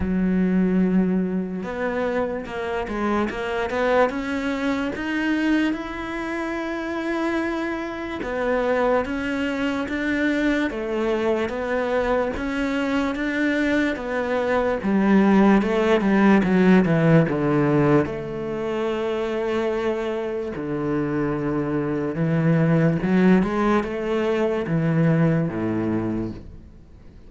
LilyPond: \new Staff \with { instrumentName = "cello" } { \time 4/4 \tempo 4 = 73 fis2 b4 ais8 gis8 | ais8 b8 cis'4 dis'4 e'4~ | e'2 b4 cis'4 | d'4 a4 b4 cis'4 |
d'4 b4 g4 a8 g8 | fis8 e8 d4 a2~ | a4 d2 e4 | fis8 gis8 a4 e4 a,4 | }